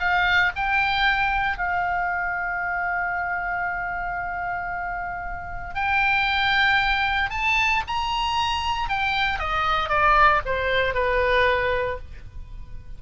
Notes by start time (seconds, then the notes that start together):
0.00 F5
0.56 G5
1.58 F5
5.75 G5
7.30 A5
7.88 A#5
8.90 G5
9.39 D#5
9.90 D5
10.46 C5
10.94 B4